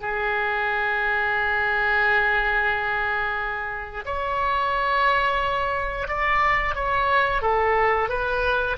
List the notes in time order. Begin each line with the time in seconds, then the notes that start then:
0.00 G#4
4.05 C#5
6.07 D5
6.75 C#5
7.42 A4
8.09 B4